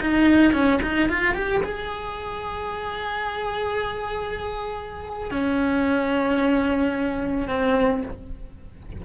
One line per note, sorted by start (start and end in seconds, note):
0.00 0.52 D#4
0.52 0.80 C#4
0.82 1.08 D#4
1.08 1.34 F4
1.34 1.61 G4
1.63 5.31 G#4
5.31 7.48 C#4
7.48 8.02 C4